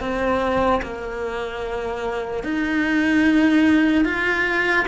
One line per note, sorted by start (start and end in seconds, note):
0.00 0.81 C4
0.83 2.44 A#3
2.44 4.05 D#4
4.05 4.86 F4